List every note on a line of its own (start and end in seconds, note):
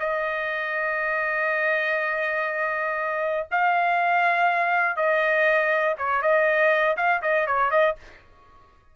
0.00 3.47 D#5
3.52 4.97 F5
4.97 5.96 D#5
5.99 6.22 C#5
6.22 6.97 D#5
6.97 7.22 F5
7.22 7.47 D#5
7.47 7.71 C#5
7.71 7.96 D#5